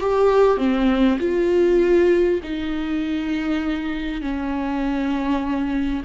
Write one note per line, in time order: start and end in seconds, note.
0.00 0.57 G4
0.57 1.18 C4
1.19 2.40 F4
2.43 4.21 D#4
4.21 6.03 C#4